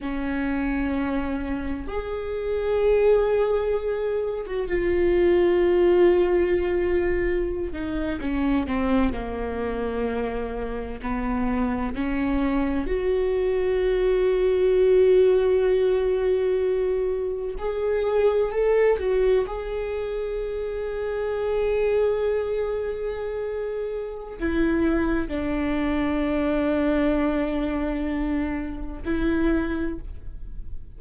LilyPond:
\new Staff \with { instrumentName = "viola" } { \time 4/4 \tempo 4 = 64 cis'2 gis'2~ | gis'8. fis'16 f'2.~ | f'16 dis'8 cis'8 c'8 ais2 b16~ | b8. cis'4 fis'2~ fis'16~ |
fis'2~ fis'8. gis'4 a'16~ | a'16 fis'8 gis'2.~ gis'16~ | gis'2 e'4 d'4~ | d'2. e'4 | }